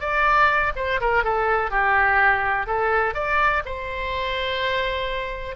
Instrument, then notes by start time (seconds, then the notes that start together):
oboe
0.00 D5
0.76 C5
1.01 A#4
1.24 A4
1.71 G4
2.67 A4
3.14 D5
3.65 C5